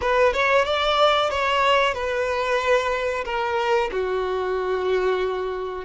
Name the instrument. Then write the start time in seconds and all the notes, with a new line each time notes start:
violin
0.01 B4
0.33 C#5
0.65 D5
1.30 C#5
1.94 B4
3.25 A#4
3.91 F#4